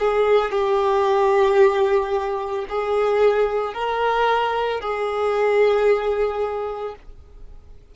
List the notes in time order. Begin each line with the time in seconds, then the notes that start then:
0.00 G#4
0.52 G4
2.70 G#4
3.74 A#4
4.81 G#4